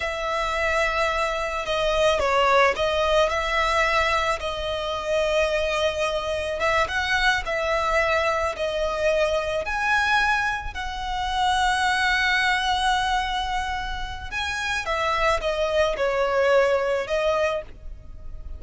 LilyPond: \new Staff \with { instrumentName = "violin" } { \time 4/4 \tempo 4 = 109 e''2. dis''4 | cis''4 dis''4 e''2 | dis''1 | e''8 fis''4 e''2 dis''8~ |
dis''4. gis''2 fis''8~ | fis''1~ | fis''2 gis''4 e''4 | dis''4 cis''2 dis''4 | }